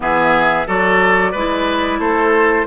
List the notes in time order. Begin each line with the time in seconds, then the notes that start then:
0.00 E3 B3 G#4 E5
0.67 F#3 F#4 A4 D5
1.31 G#3 E4 B4
1.99 A3 A4 C5